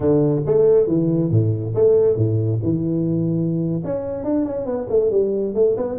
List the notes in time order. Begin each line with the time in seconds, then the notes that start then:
0.00 D3
0.46 A3
0.87 E3
1.30 A2
1.74 A3
2.16 A2
2.62 E3
3.84 C#4
4.24 D4
4.45 C#4
4.65 B3
4.89 A3
5.10 G3
5.54 A3
5.76 B3